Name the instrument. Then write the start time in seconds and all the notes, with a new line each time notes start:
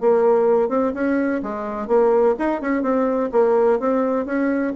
bassoon
0.00 A#3
0.69 C4
0.94 C#4
1.43 G#3
1.87 A#3
2.38 D#4
2.61 C#4
2.82 C4
3.32 A#3
3.79 C4
4.25 C#4